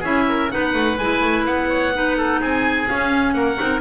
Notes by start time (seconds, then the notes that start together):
0.00 C#4 E4 G#4 E5
0.29 A#4
0.50 B3 D#4 B4 F#5
0.74 A3
0.98 G#3 E4 G#5
1.22 A3
1.45 B3 F#5
1.69 C#5
1.94 D#4 B4
2.17 A4
2.41 C4 G#4 G#5
2.88 C#4 F5
3.33 A#3 A#4 F#5
3.57 C4 D#4